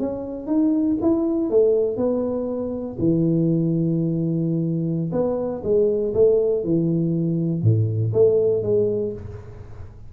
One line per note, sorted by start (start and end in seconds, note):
0.00 0.47 C#4
0.47 0.97 D#4
1.02 1.50 E4
1.50 1.97 A3
1.97 2.97 B3
2.99 5.12 E3
5.12 5.62 B3
5.64 6.14 G#3
6.15 6.64 A3
6.64 7.63 E3
7.63 8.13 A2
8.14 8.63 A3
8.63 9.13 G#3